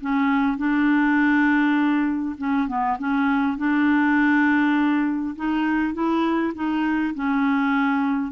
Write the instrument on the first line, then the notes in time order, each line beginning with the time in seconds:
clarinet
0.00 C#4
0.57 D4
2.38 C#4
2.67 B3
2.98 C#4
3.57 D4
5.36 D#4
5.93 E4
6.55 D#4
7.14 C#4